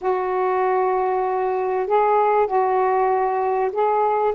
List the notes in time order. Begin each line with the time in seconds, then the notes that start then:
0.01 F#4
1.86 G#4
2.47 F#4
3.72 G#4